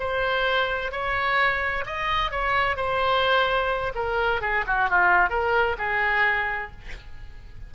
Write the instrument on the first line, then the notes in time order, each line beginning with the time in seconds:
oboe
0.00 C5
0.92 C#5
1.86 D#5
2.32 C#5
2.77 C5
3.95 A#4
4.42 G#4
4.67 F#4
4.90 F4
5.30 A#4
5.78 G#4